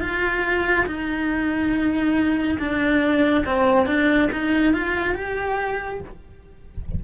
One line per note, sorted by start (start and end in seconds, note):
0.00 0.85 F4
0.86 2.57 D#4
2.59 3.44 D4
3.45 3.86 C4
3.86 4.29 D4
4.32 4.73 D#4
4.73 5.14 F4
5.14 6.00 G4